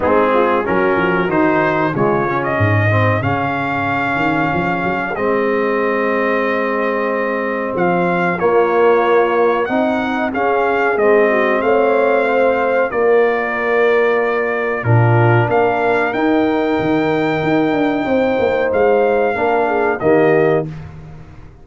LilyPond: <<
  \new Staff \with { instrumentName = "trumpet" } { \time 4/4 \tempo 4 = 93 gis'4 ais'4 c''4 cis''8. dis''16~ | dis''4 f''2. | dis''1 | f''4 cis''2 fis''4 |
f''4 dis''4 f''2 | d''2. ais'4 | f''4 g''2.~ | g''4 f''2 dis''4 | }
  \new Staff \with { instrumentName = "horn" } { \time 4/4 dis'8 f'8 fis'2 f'4 | gis'1~ | gis'1~ | gis'4 f'2 dis'4 |
gis'4. fis'8 cis''4 c''4 | ais'2. f'4 | ais'1 | c''2 ais'8 gis'8 g'4 | }
  \new Staff \with { instrumentName = "trombone" } { \time 4/4 c'4 cis'4 dis'4 gis8 cis'8~ | cis'8 c'8 cis'2. | c'1~ | c'4 ais2 dis'4 |
cis'4 c'2. | f'2. d'4~ | d'4 dis'2.~ | dis'2 d'4 ais4 | }
  \new Staff \with { instrumentName = "tuba" } { \time 4/4 gis4 fis8 f8 dis4 cis4 | gis,4 cis4. dis8 f8 fis8 | gis1 | f4 ais2 c'4 |
cis'4 gis4 a2 | ais2. ais,4 | ais4 dis'4 dis4 dis'8 d'8 | c'8 ais8 gis4 ais4 dis4 | }
>>